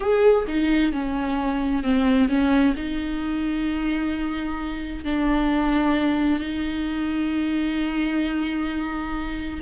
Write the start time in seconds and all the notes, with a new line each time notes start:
0.00 G#4
0.47 D#4
0.92 C#4
1.83 C4
2.28 C#4
2.76 D#4
5.04 D4
6.39 D#4